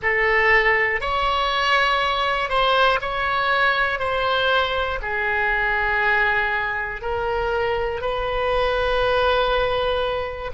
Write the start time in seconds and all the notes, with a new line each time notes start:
0.02 A4
1.00 C#5
2.49 C5
3.01 C#5
3.99 C5
5.01 G#4
7.01 A#4
8.01 B4